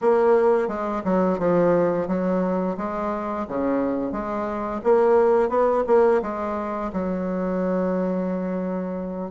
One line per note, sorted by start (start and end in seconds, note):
0.01 0.68 A#3
0.68 1.02 G#3
1.04 1.38 F#3
1.38 2.07 F3
2.07 2.76 F#3
2.77 3.46 G#3
3.47 4.12 C#3
4.12 4.81 G#3
4.83 5.49 A#3
5.49 5.83 B3
5.87 6.21 A#3
6.22 6.91 G#3
6.92 9.31 F#3